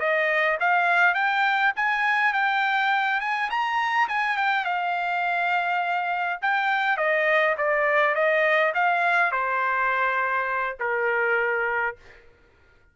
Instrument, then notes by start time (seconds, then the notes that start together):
trumpet
0.00 D#5
0.60 F5
1.15 G5
1.76 G#5
2.34 G5
3.21 G#5
3.50 A#5
4.09 G#5
4.37 G5
4.65 F5
6.42 G5
6.98 D#5
7.58 D5
8.15 D#5
8.74 F5
9.32 C5
10.80 A#4